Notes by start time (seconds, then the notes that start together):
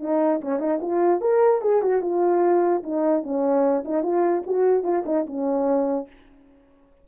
0.00 D#4
0.41 C#4
0.59 D#4
0.82 F4
1.21 A#4
1.62 G#4
1.82 F#4
2.01 F4
2.83 D#4
3.23 C#4
3.85 D#4
4.02 F4
4.46 F#4
4.83 F4
5.06 D#4
5.26 C#4